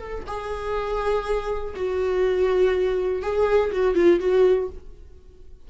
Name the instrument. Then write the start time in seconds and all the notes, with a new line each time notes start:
viola
0.00 A4
0.27 G#4
1.76 F#4
3.23 G#4
3.72 F#4
3.96 F4
4.20 F#4